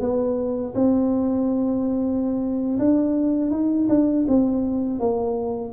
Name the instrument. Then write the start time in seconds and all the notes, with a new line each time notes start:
tuba
0.00 B3
0.75 C4
2.79 D4
3.51 D#4
3.89 D4
4.28 C4
5.00 A#3